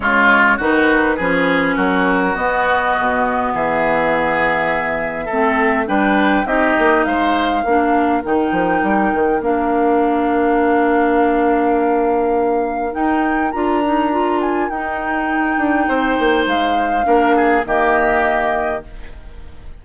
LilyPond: <<
  \new Staff \with { instrumentName = "flute" } { \time 4/4 \tempo 4 = 102 cis''4 b'2 ais'4 | dis''2 e''2~ | e''2 g''4 dis''4 | f''2 g''2 |
f''1~ | f''2 g''4 ais''4~ | ais''8 gis''8 g''2. | f''2 dis''2 | }
  \new Staff \with { instrumentName = "oboe" } { \time 4/4 f'4 fis'4 gis'4 fis'4~ | fis'2 gis'2~ | gis'4 a'4 b'4 g'4 | c''4 ais'2.~ |
ais'1~ | ais'1~ | ais'2. c''4~ | c''4 ais'8 gis'8 g'2 | }
  \new Staff \with { instrumentName = "clarinet" } { \time 4/4 gis4 dis'4 cis'2 | b1~ | b4 c'4 d'4 dis'4~ | dis'4 d'4 dis'2 |
d'1~ | d'2 dis'4 f'8 dis'8 | f'4 dis'2.~ | dis'4 d'4 ais2 | }
  \new Staff \with { instrumentName = "bassoon" } { \time 4/4 cis4 dis4 f4 fis4 | b4 b,4 e2~ | e4 a4 g4 c'8 ais8 | gis4 ais4 dis8 f8 g8 dis8 |
ais1~ | ais2 dis'4 d'4~ | d'4 dis'4. d'8 c'8 ais8 | gis4 ais4 dis2 | }
>>